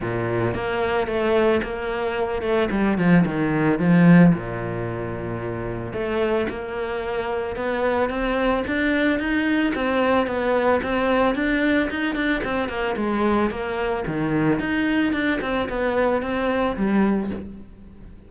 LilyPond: \new Staff \with { instrumentName = "cello" } { \time 4/4 \tempo 4 = 111 ais,4 ais4 a4 ais4~ | ais8 a8 g8 f8 dis4 f4 | ais,2. a4 | ais2 b4 c'4 |
d'4 dis'4 c'4 b4 | c'4 d'4 dis'8 d'8 c'8 ais8 | gis4 ais4 dis4 dis'4 | d'8 c'8 b4 c'4 g4 | }